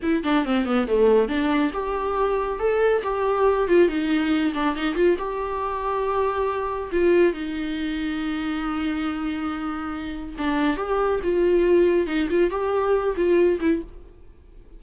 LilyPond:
\new Staff \with { instrumentName = "viola" } { \time 4/4 \tempo 4 = 139 e'8 d'8 c'8 b8 a4 d'4 | g'2 a'4 g'4~ | g'8 f'8 dis'4. d'8 dis'8 f'8 | g'1 |
f'4 dis'2.~ | dis'1 | d'4 g'4 f'2 | dis'8 f'8 g'4. f'4 e'8 | }